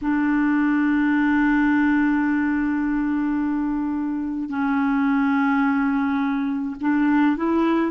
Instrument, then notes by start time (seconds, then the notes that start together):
clarinet
0.01 D4
4.49 C#4
6.80 D4
7.36 E4